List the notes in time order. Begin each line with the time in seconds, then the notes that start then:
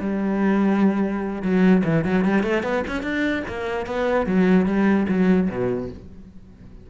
0.00 G3
1.42 F#3
1.84 E3
2.04 F#3
2.24 G3
2.43 A3
2.63 B3
2.87 C#4
3.02 D4
3.48 A#3
3.86 B3
4.26 F#3
4.66 G3
5.08 F#3
5.49 B2